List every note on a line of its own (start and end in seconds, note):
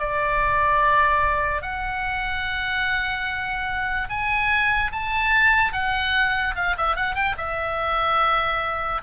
0.00 1.62 D5
1.62 4.09 F#5
4.10 4.92 G#5
4.93 5.73 A5
5.73 6.55 F#5
6.56 6.76 F5
6.78 6.96 E5
6.96 7.15 F#5
7.15 7.36 G5
7.38 9.02 E5